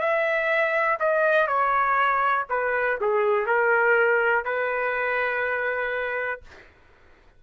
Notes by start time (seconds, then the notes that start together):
0.00 E5
1.00 D#5
1.48 C#5
2.49 B4
3.01 G#4
3.46 A#4
4.45 B4